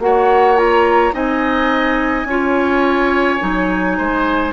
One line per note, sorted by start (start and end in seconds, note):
0.00 1.13 A#3
0.00 0.57 F#4
0.00 1.14 C#5
0.00 0.58 F#5
0.57 1.13 F4
0.57 1.15 A#5
1.13 2.25 C4
1.13 2.26 D#4
1.13 2.27 D#5
1.13 4.53 G#5
2.25 3.38 C#4
2.25 3.40 F4
2.25 3.98 C#5
3.40 3.99 F#3
3.40 4.53 D#4
3.98 4.53 G#3
3.98 4.53 C5